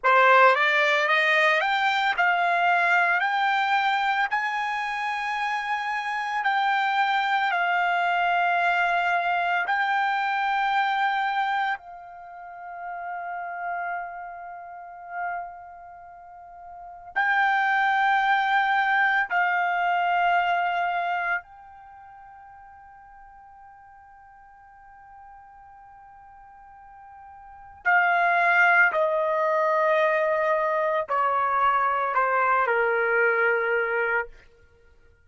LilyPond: \new Staff \with { instrumentName = "trumpet" } { \time 4/4 \tempo 4 = 56 c''8 d''8 dis''8 g''8 f''4 g''4 | gis''2 g''4 f''4~ | f''4 g''2 f''4~ | f''1 |
g''2 f''2 | g''1~ | g''2 f''4 dis''4~ | dis''4 cis''4 c''8 ais'4. | }